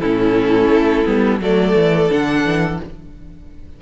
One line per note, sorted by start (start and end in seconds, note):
0.00 0.69 A2
0.00 1.06 C#4
0.00 1.41 E4
0.00 1.40 A4
0.69 1.03 A3
1.06 1.40 G3
1.06 1.40 B3
1.40 1.75 F#3
1.40 2.10 A3
1.40 2.81 A4
1.40 2.12 D5
1.75 2.10 E3
2.10 2.45 D3
2.10 2.80 D4
2.10 2.82 F#5
2.45 2.80 E3